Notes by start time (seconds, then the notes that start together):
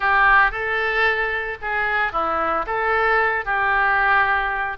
0.00 G4
0.51 A4
1.61 G#4
2.12 E4
2.66 A4
3.45 G4